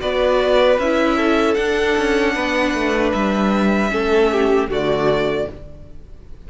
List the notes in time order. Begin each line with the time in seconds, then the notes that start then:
0.00 B3 F#4 B4 D5
0.78 C#4 E4 E5
1.17 A4
1.54 D4 F#5
1.97 C#4
2.35 B3 B4
2.74 A3
3.12 G3 E5
3.90 A3 C#4 A4
4.31 G4
4.68 D3 A3 F#4 D5